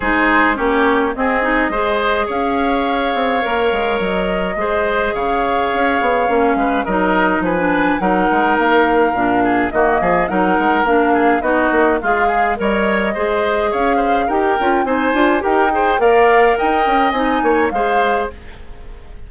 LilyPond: <<
  \new Staff \with { instrumentName = "flute" } { \time 4/4 \tempo 4 = 105 c''4 cis''4 dis''2 | f''2. dis''4~ | dis''4 f''2. | dis''4 gis''4 fis''4 f''4~ |
f''4 dis''4 fis''4 f''4 | dis''4 f''4 dis''2 | f''4 g''4 gis''4 g''4 | f''4 g''4 gis''4 f''4 | }
  \new Staff \with { instrumentName = "oboe" } { \time 4/4 gis'4 g'4 gis'4 c''4 | cis''1 | c''4 cis''2~ cis''8 b'8 | ais'4 b'4 ais'2~ |
ais'8 gis'8 fis'8 gis'8 ais'4. gis'8 | fis'4 f'8 gis'8 cis''4 c''4 | cis''8 c''8 ais'4 c''4 ais'8 c''8 | d''4 dis''4. cis''8 c''4 | }
  \new Staff \with { instrumentName = "clarinet" } { \time 4/4 dis'4 cis'4 c'8 dis'8 gis'4~ | gis'2 ais'2 | gis'2. cis'4 | dis'4~ dis'16 d'8. dis'2 |
d'4 ais4 dis'4 d'4 | dis'4 gis'4 ais'4 gis'4~ | gis'4 g'8 f'8 dis'8 f'8 g'8 gis'8 | ais'2 dis'4 gis'4 | }
  \new Staff \with { instrumentName = "bassoon" } { \time 4/4 gis4 ais4 c'4 gis4 | cis'4. c'8 ais8 gis8 fis4 | gis4 cis4 cis'8 b8 ais8 gis8 | fis4 f4 fis8 gis8 ais4 |
ais,4 dis8 f8 fis8 gis8 ais4 | b8 ais8 gis4 g4 gis4 | cis'4 dis'8 cis'8 c'8 d'8 dis'4 | ais4 dis'8 cis'8 c'8 ais8 gis4 | }
>>